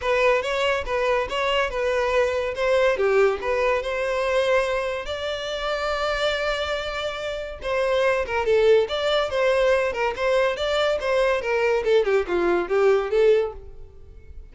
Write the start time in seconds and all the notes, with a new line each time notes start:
0.01 B4
0.42 C#5
0.85 B4
1.29 C#5
1.70 B4
2.55 C5
2.97 G4
3.41 B4
3.82 C5
5.05 D5
7.62 C5
8.26 A#4
8.45 A4
8.88 D5
9.30 C5
9.92 A#4
10.16 C5
10.56 D5
11.00 C5
11.41 A#4
11.84 A4
12.05 G4
12.27 F4
12.68 G4
13.10 A4